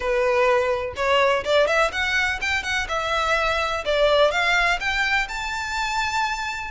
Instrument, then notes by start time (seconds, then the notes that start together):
violin
0.00 B4
0.96 C#5
1.44 D5
1.67 E5
1.92 F#5
2.41 G5
2.63 F#5
2.88 E5
3.85 D5
4.31 F5
4.79 G5
5.28 A5